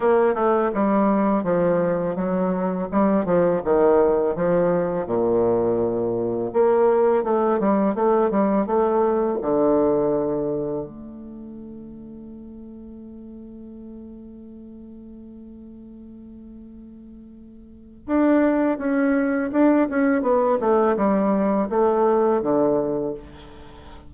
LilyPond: \new Staff \with { instrumentName = "bassoon" } { \time 4/4 \tempo 4 = 83 ais8 a8 g4 f4 fis4 | g8 f8 dis4 f4 ais,4~ | ais,4 ais4 a8 g8 a8 g8 | a4 d2 a4~ |
a1~ | a1~ | a4 d'4 cis'4 d'8 cis'8 | b8 a8 g4 a4 d4 | }